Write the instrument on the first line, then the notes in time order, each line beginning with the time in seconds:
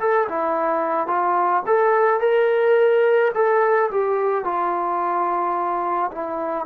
trombone
0.00 A4
0.29 E4
1.08 F4
1.67 A4
2.21 A#4
3.35 A4
3.91 G4
4.44 F4
6.12 E4